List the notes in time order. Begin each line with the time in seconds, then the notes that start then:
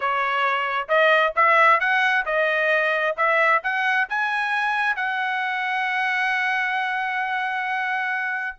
0.00 C#5
0.88 D#5
1.35 E5
1.79 F#5
2.25 D#5
3.16 E5
3.63 F#5
4.09 G#5
4.96 F#5